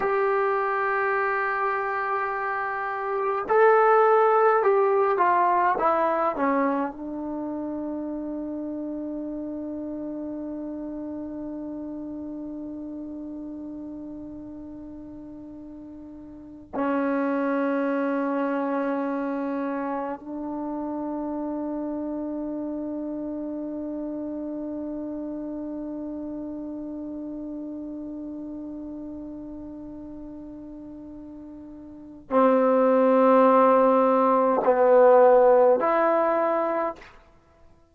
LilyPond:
\new Staff \with { instrumentName = "trombone" } { \time 4/4 \tempo 4 = 52 g'2. a'4 | g'8 f'8 e'8 cis'8 d'2~ | d'1~ | d'2~ d'8 cis'4.~ |
cis'4. d'2~ d'8~ | d'1~ | d'1 | c'2 b4 e'4 | }